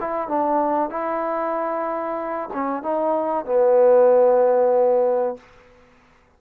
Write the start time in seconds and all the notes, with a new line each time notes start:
0.00 E4
0.28 D4
0.90 E4
2.54 C#4
2.83 D#4
3.45 B3